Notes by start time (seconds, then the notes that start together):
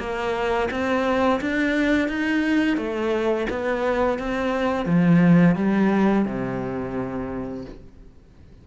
0.00 A#3
0.71 C4
1.41 D4
2.09 D#4
2.78 A3
3.50 B3
4.19 C4
4.86 F3
5.56 G3
6.26 C3